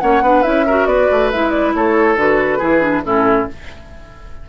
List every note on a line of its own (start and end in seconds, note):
0.00 0.22 A#3
0.00 0.22 C#4
0.00 0.23 C#5
0.00 0.43 F#5
0.22 0.43 B3
0.22 0.43 D4
0.22 0.66 B4
0.43 0.86 C#4
0.43 0.65 E4
0.43 0.86 E5
0.66 1.33 F#4
0.66 0.88 A#4
0.86 1.08 B3
0.86 1.75 B4
0.86 1.30 D5
1.12 1.33 A3
1.31 1.74 G#3
1.31 2.17 E4
1.31 1.51 E5
1.51 1.72 D5
1.74 2.16 A3
1.74 2.58 A4
1.74 2.18 C#5
2.16 2.59 D3
2.16 2.60 F#4
2.16 3.05 B4
2.58 3.05 E3
2.58 2.81 E4
2.58 3.02 G#4
2.81 3.03 D4
3.05 3.48 A2
3.05 3.48 C#4
3.05 3.49 E4
3.05 3.49 A4